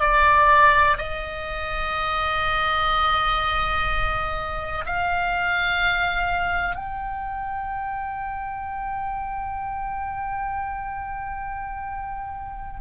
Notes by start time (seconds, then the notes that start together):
0.00 D5
0.98 D#5
4.86 F5
6.75 G5